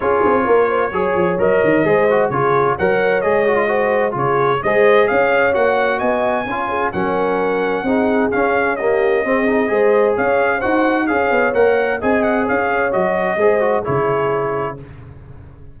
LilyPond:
<<
  \new Staff \with { instrumentName = "trumpet" } { \time 4/4 \tempo 4 = 130 cis''2. dis''4~ | dis''4 cis''4 fis''4 dis''4~ | dis''4 cis''4 dis''4 f''4 | fis''4 gis''2 fis''4~ |
fis''2 f''4 dis''4~ | dis''2 f''4 fis''4 | f''4 fis''4 gis''8 fis''8 f''4 | dis''2 cis''2 | }
  \new Staff \with { instrumentName = "horn" } { \time 4/4 gis'4 ais'8 c''8 cis''2 | c''4 gis'4 cis''2 | c''4 gis'4 c''4 cis''4~ | cis''4 dis''4 cis''8 gis'8 ais'4~ |
ais'4 gis'2 g'4 | gis'4 c''4 cis''4 c''4 | cis''2 dis''4 cis''4~ | cis''4 c''4 gis'2 | }
  \new Staff \with { instrumentName = "trombone" } { \time 4/4 f'2 gis'4 ais'4 | gis'8 fis'8 f'4 ais'4 gis'8 fis'16 f'16 | fis'4 f'4 gis'2 | fis'2 f'4 cis'4~ |
cis'4 dis'4 cis'4 ais4 | c'8 dis'8 gis'2 fis'4 | gis'4 ais'4 gis'2 | fis'4 gis'8 fis'8 e'2 | }
  \new Staff \with { instrumentName = "tuba" } { \time 4/4 cis'8 c'8 ais4 fis8 f8 fis8 dis8 | gis4 cis4 fis4 gis4~ | gis4 cis4 gis4 cis'4 | ais4 b4 cis'4 fis4~ |
fis4 c'4 cis'2 | c'4 gis4 cis'4 dis'4 | cis'8 b8 ais4 c'4 cis'4 | fis4 gis4 cis2 | }
>>